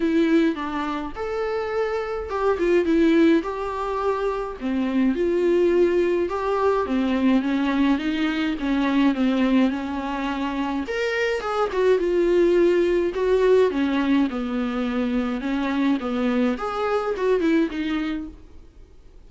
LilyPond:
\new Staff \with { instrumentName = "viola" } { \time 4/4 \tempo 4 = 105 e'4 d'4 a'2 | g'8 f'8 e'4 g'2 | c'4 f'2 g'4 | c'4 cis'4 dis'4 cis'4 |
c'4 cis'2 ais'4 | gis'8 fis'8 f'2 fis'4 | cis'4 b2 cis'4 | b4 gis'4 fis'8 e'8 dis'4 | }